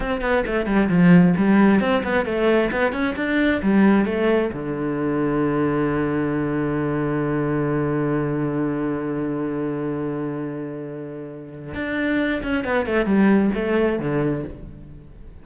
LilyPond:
\new Staff \with { instrumentName = "cello" } { \time 4/4 \tempo 4 = 133 c'8 b8 a8 g8 f4 g4 | c'8 b8 a4 b8 cis'8 d'4 | g4 a4 d2~ | d1~ |
d1~ | d1~ | d2 d'4. cis'8 | b8 a8 g4 a4 d4 | }